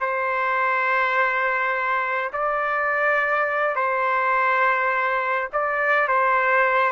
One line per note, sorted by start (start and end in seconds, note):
0.00 2.31 C5
2.32 3.76 D5
3.76 5.49 C5
5.53 6.08 D5
6.08 6.92 C5